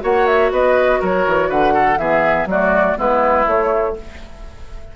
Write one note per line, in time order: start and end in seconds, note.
0.00 0.51 A#3
0.00 1.97 F#4
0.00 0.52 C#5
0.00 0.26 F#5
0.26 0.51 E5
0.51 1.00 B3
0.51 1.00 B4
0.51 1.02 D#5
1.00 1.26 F#3
1.00 1.48 A#4
1.00 1.50 C#5
1.26 1.49 E3
1.48 1.98 D3
1.48 1.73 B4
1.48 1.98 F#5
1.73 1.98 A4
1.98 2.45 E3
1.98 2.48 B3
1.98 2.48 G#4
1.98 2.47 E5
2.45 2.94 F#3
2.45 2.96 A3
2.45 2.97 F#4
2.45 2.99 D5
2.96 3.46 G#3
2.96 3.45 B3
2.96 3.96 E4
2.96 3.47 B4
3.46 3.95 A3
3.46 3.96 A3
3.46 3.96 C#5